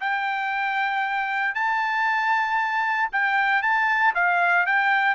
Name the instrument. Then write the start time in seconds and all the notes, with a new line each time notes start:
trumpet
0.00 G5
1.54 A5
3.12 G5
3.62 A5
4.14 F5
4.66 G5